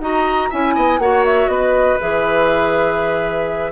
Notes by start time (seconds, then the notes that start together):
0.00 D#4 F#4 D#5 A#5
0.50 C#4 E4 E5 G#5
0.75 B3 D#5
0.99 A#3 F#4 C#5 F#5
1.25 E5
1.48 B3 B4 D#5
2.01 E3 G#4 E5